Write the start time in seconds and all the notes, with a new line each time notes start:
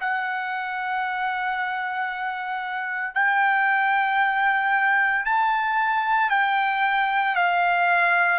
0.00 F#5
3.14 G5
5.25 A5
6.30 G5
7.35 F5